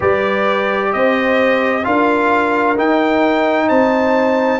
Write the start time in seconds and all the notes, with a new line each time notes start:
0.00 G3 G4 B4 D5
0.92 C4 C5 D#5
1.83 D4 F4 A#4 F5
2.76 D#4 G5
3.67 C4 C5 A5